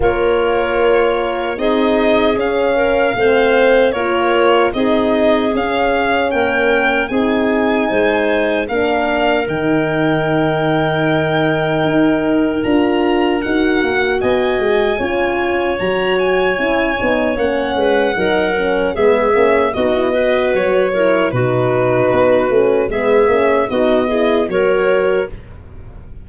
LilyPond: <<
  \new Staff \with { instrumentName = "violin" } { \time 4/4 \tempo 4 = 76 cis''2 dis''4 f''4~ | f''4 cis''4 dis''4 f''4 | g''4 gis''2 f''4 | g''1 |
ais''4 fis''4 gis''2 | ais''8 gis''4. fis''2 | e''4 dis''4 cis''4 b'4~ | b'4 e''4 dis''4 cis''4 | }
  \new Staff \with { instrumentName = "clarinet" } { \time 4/4 ais'2 gis'4. ais'8 | c''4 ais'4 gis'2 | ais'4 gis'4 c''4 ais'4~ | ais'1~ |
ais'2 dis''4 cis''4~ | cis''2~ cis''8 b'8 ais'4 | gis'4 fis'8 b'4 ais'8 fis'4~ | fis'4 gis'4 fis'8 gis'8 ais'4 | }
  \new Staff \with { instrumentName = "horn" } { \time 4/4 f'2 dis'4 cis'4 | c'4 f'4 dis'4 cis'4~ | cis'4 dis'2 d'4 | dis'1 |
f'4 fis'2 f'4 | fis'4 e'8 dis'8 cis'4 dis'8 cis'8 | b8 cis'8 dis'16 e'16 fis'4 e'8 dis'4~ | dis'8 cis'8 b8 cis'8 dis'8 e'8 fis'4 | }
  \new Staff \with { instrumentName = "tuba" } { \time 4/4 ais2 c'4 cis'4 | a4 ais4 c'4 cis'4 | ais4 c'4 gis4 ais4 | dis2. dis'4 |
d'4 dis'8 ais8 b8 gis8 cis'4 | fis4 cis'8 b8 ais8 gis8 fis4 | gis8 ais8 b4 fis4 b,4 | b8 a8 gis8 ais8 b4 fis4 | }
>>